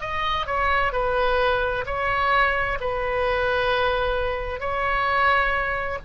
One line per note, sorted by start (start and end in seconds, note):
0.00 0.46 D#5
0.46 0.92 C#5
0.92 1.85 B4
1.85 2.78 C#5
2.80 4.59 B4
4.59 5.98 C#5